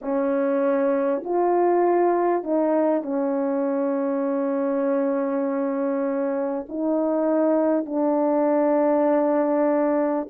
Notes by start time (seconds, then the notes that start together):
0.01 C#4
1.24 F4
2.43 D#4
3.02 C#4
6.68 D#4
7.85 D4